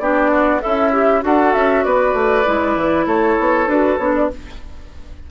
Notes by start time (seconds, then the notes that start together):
0.00 B3 D4 G4 D5
0.31 F#4
0.61 C#4 E4 A4 E5
0.93 G4
1.22 D4 F#4 A4 F#5
1.54 C#4 E5
1.85 B3 B4 D5
2.14 A3
2.46 G#3 E4
2.76 E3
3.07 A3 A4 C#5
3.40 B3
3.67 D4 F#4 B4
3.98 B3 D4 C#5
4.16 D5